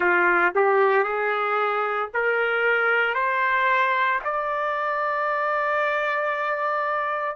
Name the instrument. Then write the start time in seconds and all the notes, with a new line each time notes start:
trumpet
0.00 F4
0.55 G4
1.03 G#4
2.13 A#4
3.14 C5
4.24 D5